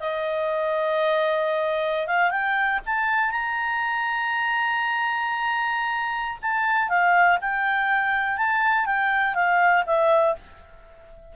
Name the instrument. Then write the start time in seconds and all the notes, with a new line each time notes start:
clarinet
0.00 D#5
2.07 F5
2.31 G5
2.86 A5
3.31 A#5
6.42 A5
6.89 F5
7.41 G5
8.37 A5
8.86 G5
9.35 F5
9.86 E5